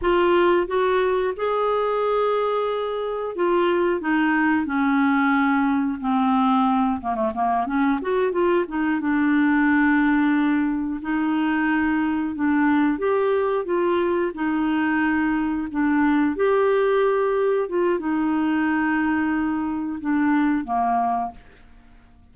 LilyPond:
\new Staff \with { instrumentName = "clarinet" } { \time 4/4 \tempo 4 = 90 f'4 fis'4 gis'2~ | gis'4 f'4 dis'4 cis'4~ | cis'4 c'4. ais16 a16 ais8 cis'8 | fis'8 f'8 dis'8 d'2~ d'8~ |
d'8 dis'2 d'4 g'8~ | g'8 f'4 dis'2 d'8~ | d'8 g'2 f'8 dis'4~ | dis'2 d'4 ais4 | }